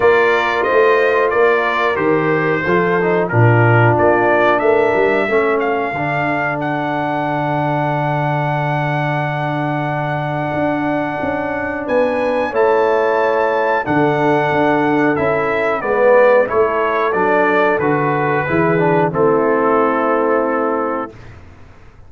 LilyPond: <<
  \new Staff \with { instrumentName = "trumpet" } { \time 4/4 \tempo 4 = 91 d''4 dis''4 d''4 c''4~ | c''4 ais'4 d''4 e''4~ | e''8 f''4. fis''2~ | fis''1~ |
fis''2 gis''4 a''4~ | a''4 fis''2 e''4 | d''4 cis''4 d''4 b'4~ | b'4 a'2. | }
  \new Staff \with { instrumentName = "horn" } { \time 4/4 ais'4 c''4 ais'2 | a'4 f'2 ais'4 | a'1~ | a'1~ |
a'2 b'4 cis''4~ | cis''4 a'2. | b'4 a'2. | gis'4 e'2. | }
  \new Staff \with { instrumentName = "trombone" } { \time 4/4 f'2. g'4 | f'8 dis'8 d'2. | cis'4 d'2.~ | d'1~ |
d'2. e'4~ | e'4 d'2 e'4 | b4 e'4 d'4 fis'4 | e'8 d'8 c'2. | }
  \new Staff \with { instrumentName = "tuba" } { \time 4/4 ais4 a4 ais4 dis4 | f4 ais,4 ais4 a8 g8 | a4 d2.~ | d1 |
d'4 cis'4 b4 a4~ | a4 d4 d'4 cis'4 | gis4 a4 fis4 d4 | e4 a2. | }
>>